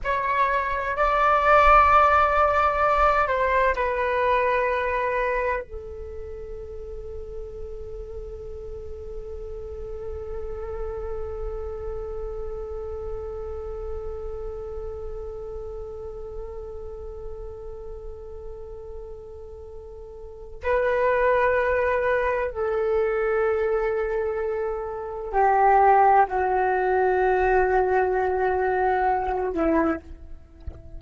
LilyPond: \new Staff \with { instrumentName = "flute" } { \time 4/4 \tempo 4 = 64 cis''4 d''2~ d''8 c''8 | b'2 a'2~ | a'1~ | a'1~ |
a'1~ | a'2 b'2 | a'2. g'4 | fis'2.~ fis'8 e'8 | }